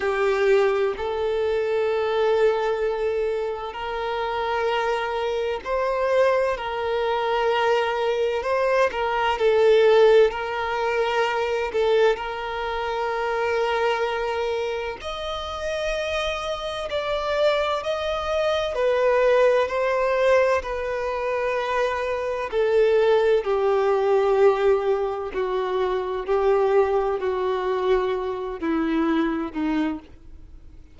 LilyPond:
\new Staff \with { instrumentName = "violin" } { \time 4/4 \tempo 4 = 64 g'4 a'2. | ais'2 c''4 ais'4~ | ais'4 c''8 ais'8 a'4 ais'4~ | ais'8 a'8 ais'2. |
dis''2 d''4 dis''4 | b'4 c''4 b'2 | a'4 g'2 fis'4 | g'4 fis'4. e'4 dis'8 | }